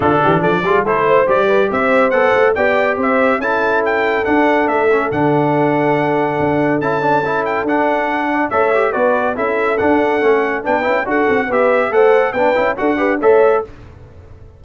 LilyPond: <<
  \new Staff \with { instrumentName = "trumpet" } { \time 4/4 \tempo 4 = 141 a'4 d''4 c''4 d''4 | e''4 fis''4 g''4 e''4 | a''4 g''4 fis''4 e''4 | fis''1 |
a''4. g''8 fis''2 | e''4 d''4 e''4 fis''4~ | fis''4 g''4 fis''4 e''4 | fis''4 g''4 fis''4 e''4 | }
  \new Staff \with { instrumentName = "horn" } { \time 4/4 f'8 g'8 a'8 gis'8 a'8 c''4 b'8 | c''2 d''4 c''4 | a'1~ | a'1~ |
a'2.~ a'8 d''8 | cis''4 b'4 a'2~ | a'4 b'4 a'4 b'4 | c''4 b'4 a'8 b'8 cis''4 | }
  \new Staff \with { instrumentName = "trombone" } { \time 4/4 d'4. f'8 e'4 g'4~ | g'4 a'4 g'2 | e'2 d'4. cis'8 | d'1 |
e'8 d'8 e'4 d'2 | a'8 g'8 fis'4 e'4 d'4 | cis'4 d'8 e'8 fis'4 g'4 | a'4 d'8 e'8 fis'8 g'8 a'4 | }
  \new Staff \with { instrumentName = "tuba" } { \time 4/4 d8 e8 f8 g8 a4 g4 | c'4 b8 a8 b4 c'4 | cis'2 d'4 a4 | d2. d'4 |
cis'2 d'2 | a4 b4 cis'4 d'4 | a4 b8 cis'8 d'8 c'8 b4 | a4 b8 cis'8 d'4 a4 | }
>>